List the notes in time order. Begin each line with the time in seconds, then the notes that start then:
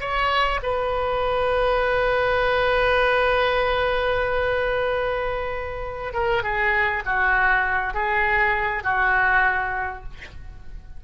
0.00 C#5
0.62 B4
6.13 A#4
6.43 G#4
7.06 F#4
7.94 G#4
8.83 F#4